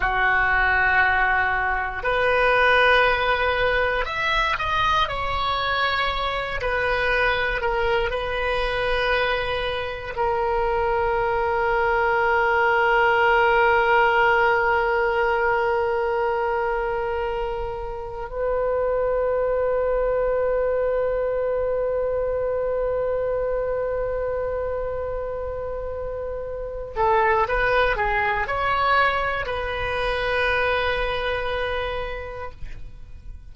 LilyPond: \new Staff \with { instrumentName = "oboe" } { \time 4/4 \tempo 4 = 59 fis'2 b'2 | e''8 dis''8 cis''4. b'4 ais'8 | b'2 ais'2~ | ais'1~ |
ais'2 b'2~ | b'1~ | b'2~ b'8 a'8 b'8 gis'8 | cis''4 b'2. | }